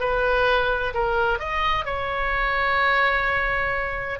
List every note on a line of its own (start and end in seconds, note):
0.00 0.94 B4
0.94 1.39 A#4
1.39 1.85 D#5
1.85 4.20 C#5